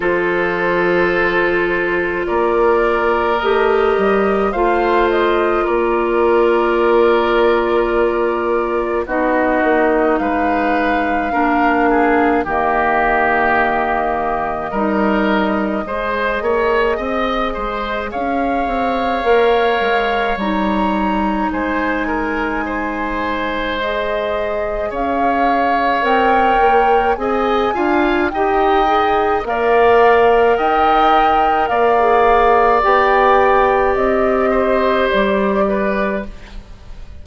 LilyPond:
<<
  \new Staff \with { instrumentName = "flute" } { \time 4/4 \tempo 4 = 53 c''2 d''4 dis''4 | f''8 dis''8 d''2. | dis''4 f''2 dis''4~ | dis''1 |
f''2 ais''4 gis''4~ | gis''4 dis''4 f''4 g''4 | gis''4 g''4 f''4 g''4 | f''4 g''4 dis''4 d''4 | }
  \new Staff \with { instrumentName = "oboe" } { \time 4/4 a'2 ais'2 | c''4 ais'2. | fis'4 b'4 ais'8 gis'8 g'4~ | g'4 ais'4 c''8 cis''8 dis''8 c''8 |
cis''2. c''8 ais'8 | c''2 cis''2 | dis''8 f''8 dis''4 d''4 dis''4 | d''2~ d''8 c''4 b'8 | }
  \new Staff \with { instrumentName = "clarinet" } { \time 4/4 f'2. g'4 | f'1 | dis'2 d'4 ais4~ | ais4 dis'4 gis'2~ |
gis'4 ais'4 dis'2~ | dis'4 gis'2 ais'4 | gis'8 f'8 g'8 gis'8 ais'2~ | ais'16 gis'8. g'2. | }
  \new Staff \with { instrumentName = "bassoon" } { \time 4/4 f2 ais4 a8 g8 | a4 ais2. | b8 ais8 gis4 ais4 dis4~ | dis4 g4 gis8 ais8 c'8 gis8 |
cis'8 c'8 ais8 gis8 g4 gis4~ | gis2 cis'4 c'8 ais8 | c'8 d'8 dis'4 ais4 dis'4 | ais4 b4 c'4 g4 | }
>>